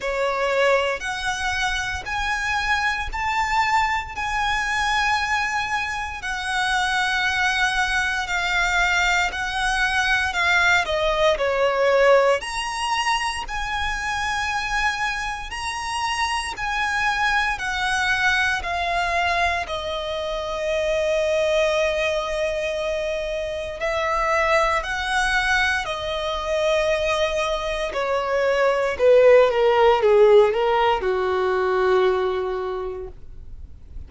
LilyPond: \new Staff \with { instrumentName = "violin" } { \time 4/4 \tempo 4 = 58 cis''4 fis''4 gis''4 a''4 | gis''2 fis''2 | f''4 fis''4 f''8 dis''8 cis''4 | ais''4 gis''2 ais''4 |
gis''4 fis''4 f''4 dis''4~ | dis''2. e''4 | fis''4 dis''2 cis''4 | b'8 ais'8 gis'8 ais'8 fis'2 | }